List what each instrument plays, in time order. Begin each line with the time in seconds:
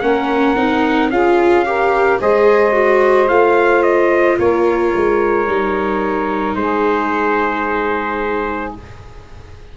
0.00 tuba A#3, viola C#4, saxophone A#4, trumpet F#5
0.55 tuba C4, viola D#4
1.10 tuba C#4, viola F4, saxophone G#4, trumpet F5
1.65 viola G4, saxophone A#4
2.20 tuba G#3, viola G#4, saxophone C5, trumpet D#5
2.72 viola F#4
3.28 tuba A3, viola F4, trumpet F5
3.83 trumpet D#5
4.38 tuba A#3, saxophone A#4, trumpet C#5
4.95 tuba G#3
5.47 tuba G3, viola D#4
6.55 tuba G#3, saxophone G#4, trumpet C5